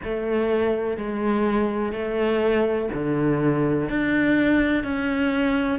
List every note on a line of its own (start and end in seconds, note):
0.04 0.97 A3
0.97 1.92 G#3
1.92 2.89 A3
2.93 3.89 D3
3.89 4.83 D4
4.83 5.79 C#4